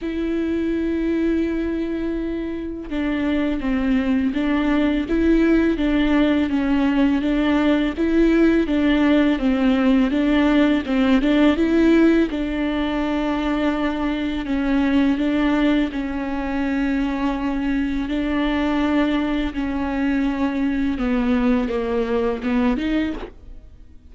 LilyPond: \new Staff \with { instrumentName = "viola" } { \time 4/4 \tempo 4 = 83 e'1 | d'4 c'4 d'4 e'4 | d'4 cis'4 d'4 e'4 | d'4 c'4 d'4 c'8 d'8 |
e'4 d'2. | cis'4 d'4 cis'2~ | cis'4 d'2 cis'4~ | cis'4 b4 ais4 b8 dis'8 | }